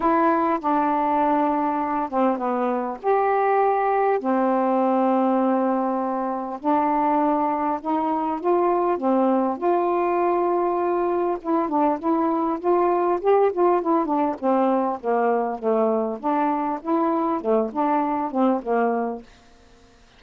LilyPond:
\new Staff \with { instrumentName = "saxophone" } { \time 4/4 \tempo 4 = 100 e'4 d'2~ d'8 c'8 | b4 g'2 c'4~ | c'2. d'4~ | d'4 dis'4 f'4 c'4 |
f'2. e'8 d'8 | e'4 f'4 g'8 f'8 e'8 d'8 | c'4 ais4 a4 d'4 | e'4 a8 d'4 c'8 ais4 | }